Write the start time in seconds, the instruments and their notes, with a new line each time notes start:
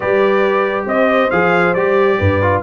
0.00 tuba G3, trombone G4, horn B4, trumpet D5
0.86 tuba C4, horn C5, trumpet D#5
1.30 tuba F3, trombone G#4, trumpet F5
1.74 tuba G3, trombone G4, trumpet D5
2.18 tuba G2, horn B4
2.42 trombone F4